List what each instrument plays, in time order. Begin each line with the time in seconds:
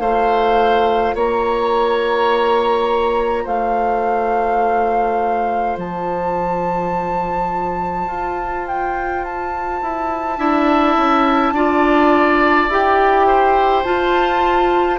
0.00 bassoon A3, clarinet F4, oboe C5, flute F5
1.15 bassoon A#3, oboe C#5, flute A#5
3.44 bassoon A3, oboe C5, flute F5
5.77 bassoon F3, flute A5
8.07 bassoon F4
8.68 flute G5
9.25 flute A5
9.83 bassoon E4
10.38 bassoon D4, clarinet E4, oboe E5
10.97 bassoon C#4
11.52 bassoon D4, clarinet F4, oboe D5
12.69 bassoon E4, clarinet G4, flute G5
13.27 oboe C5
13.84 clarinet F4, bassoon F4, flute A5